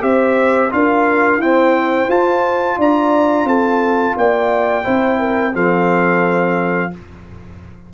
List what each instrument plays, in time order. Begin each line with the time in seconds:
0.00 tuba C4, trombone G4, horn C5, trumpet E5
0.71 tuba D4, trombone F4, horn A#4, trumpet F5
1.38 trombone C4, tuba E4, horn C5, trumpet G5
2.08 tuba F4, trombone F4, trumpet A5
2.78 tuba D4, horn D5, trumpet A#5
3.44 tuba C4, horn A4, trumpet A5
4.16 tuba A#3, horn D5, trumpet G5
4.84 tuba C4, trombone E4, horn C5
5.19 horn A#4
5.53 tuba F3, trombone C4, horn A4, trumpet F5